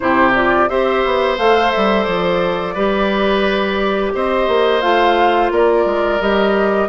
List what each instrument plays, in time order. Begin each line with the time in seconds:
0.00 bassoon C3, clarinet E4, oboe G4, flute C5
0.34 clarinet F4, flute D5
0.68 bassoon C4, clarinet G4, oboe C5, flute E5
1.04 bassoon B3
1.37 bassoon A3, clarinet A4, flute F5
1.70 bassoon G3, flute E5
2.03 bassoon F3, flute D5
2.74 bassoon G3, clarinet G4, oboe B4
4.14 bassoon C4, oboe C5, flute D#5
4.48 bassoon A#3
4.81 bassoon A3, clarinet F4, flute F5
5.50 bassoon A#3, oboe A#4, flute D5
5.85 bassoon G#3
6.20 bassoon G3, clarinet G4, flute D#5